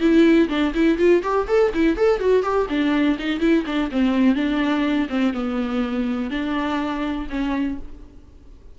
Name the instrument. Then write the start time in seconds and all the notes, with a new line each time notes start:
viola
0.00 E4
0.49 D4
0.74 E4
0.98 F4
1.23 G4
1.48 A4
1.74 E4
1.97 A4
2.20 F#4
2.43 G4
2.69 D4
3.19 D#4
3.40 E4
3.66 D4
3.91 C4
4.35 D4
5.09 C4
5.34 B3
6.31 D4
7.30 C#4